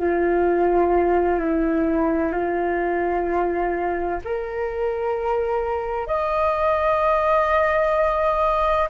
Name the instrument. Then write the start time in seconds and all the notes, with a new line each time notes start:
flute
0.00 F4
1.40 E4
2.33 F4
4.25 A#4
6.08 D#5